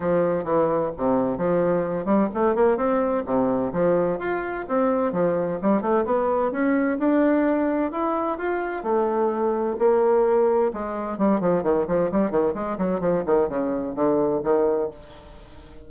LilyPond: \new Staff \with { instrumentName = "bassoon" } { \time 4/4 \tempo 4 = 129 f4 e4 c4 f4~ | f8 g8 a8 ais8 c'4 c4 | f4 f'4 c'4 f4 | g8 a8 b4 cis'4 d'4~ |
d'4 e'4 f'4 a4~ | a4 ais2 gis4 | g8 f8 dis8 f8 g8 dis8 gis8 fis8 | f8 dis8 cis4 d4 dis4 | }